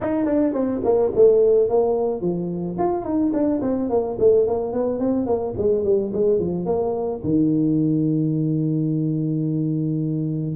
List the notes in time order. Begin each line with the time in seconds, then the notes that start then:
0.00 D#4
0.25 D4
0.53 C4
0.83 A#3
1.15 A3
1.68 A#3
2.21 F3
2.78 F4
3.04 D#4
3.33 D4
3.61 C4
3.89 A#3
4.19 A3
4.47 A#3
4.72 B3
4.99 C4
5.26 A#3
5.57 G#3
5.84 G3
6.13 G#3
6.39 F3
6.65 A#3
7.23 D#3